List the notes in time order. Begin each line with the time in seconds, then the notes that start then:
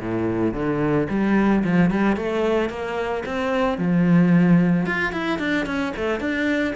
0.00 A2
0.54 D3
1.10 G3
1.64 F3
1.91 G3
2.17 A3
2.70 A#3
3.26 C4
3.78 F3
4.86 F4
5.13 E4
5.39 D4
5.66 C#4
5.97 A3
6.20 D4